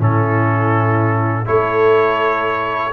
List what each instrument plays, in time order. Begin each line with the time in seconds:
0.00 tuba A2, trombone C#4, horn E4, trumpet A4
1.46 tuba A3, trombone E4, horn A4, trumpet C#5